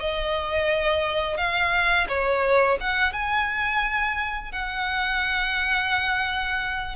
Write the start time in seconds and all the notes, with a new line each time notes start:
0.00 D#5
1.37 F5
2.08 C#5
2.80 F#5
3.13 G#5
4.52 F#5